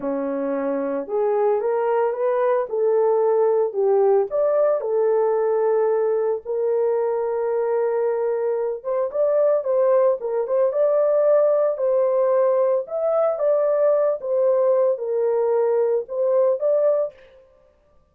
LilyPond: \new Staff \with { instrumentName = "horn" } { \time 4/4 \tempo 4 = 112 cis'2 gis'4 ais'4 | b'4 a'2 g'4 | d''4 a'2. | ais'1~ |
ais'8 c''8 d''4 c''4 ais'8 c''8 | d''2 c''2 | e''4 d''4. c''4. | ais'2 c''4 d''4 | }